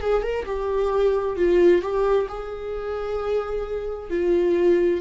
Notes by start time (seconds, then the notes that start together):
0.00 G#4
0.22 A#4
0.45 G4
1.36 F4
1.81 G4
2.28 G#4
4.10 F4